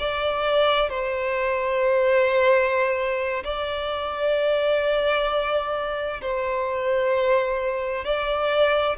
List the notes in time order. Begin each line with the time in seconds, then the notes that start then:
0.00 D5
0.90 C5
3.44 D5
6.22 C5
8.05 D5